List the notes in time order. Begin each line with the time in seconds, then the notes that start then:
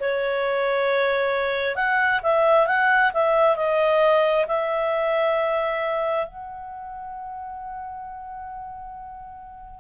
0.00 C#5
1.76 F#5
2.23 E5
2.67 F#5
3.14 E5
3.56 D#5
4.48 E5
6.27 F#5